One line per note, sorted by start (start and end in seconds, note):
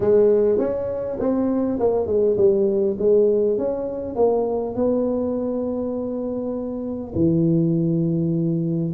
0.00 0.58 G#3
0.58 1.17 C#4
1.19 1.78 C4
1.79 2.06 A#3
2.06 2.36 G#3
2.37 2.96 G3
2.98 3.58 G#3
3.58 4.15 C#4
4.15 4.75 A#3
4.75 7.12 B3
7.14 8.93 E3